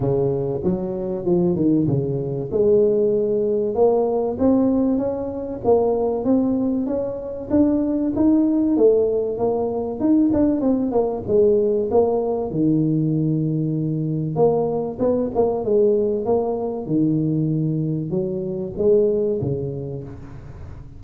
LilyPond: \new Staff \with { instrumentName = "tuba" } { \time 4/4 \tempo 4 = 96 cis4 fis4 f8 dis8 cis4 | gis2 ais4 c'4 | cis'4 ais4 c'4 cis'4 | d'4 dis'4 a4 ais4 |
dis'8 d'8 c'8 ais8 gis4 ais4 | dis2. ais4 | b8 ais8 gis4 ais4 dis4~ | dis4 fis4 gis4 cis4 | }